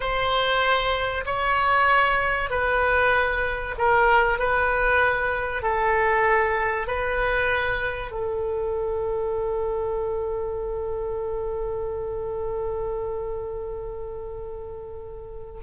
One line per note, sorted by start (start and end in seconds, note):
0.00 1.24 C5
1.25 2.50 C#5
2.50 3.75 B4
3.78 4.38 A#4
4.38 5.62 B4
5.62 6.87 A4
6.87 8.11 B4
8.11 15.61 A4